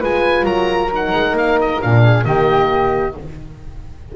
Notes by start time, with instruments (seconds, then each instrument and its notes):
0.00 double bass G#3, horn F4, flute B4, oboe G#5
0.44 double bass F#3, flute A#4, oboe A#5
0.92 horn D#4, oboe F#5
1.13 double bass G#3
1.33 double bass A#3, oboe F5
1.61 oboe D#5
1.81 double bass A#2, horn D4, oboe F5
2.03 flute G#4
2.24 double bass D#3, horn A#3, flute G4, oboe D#5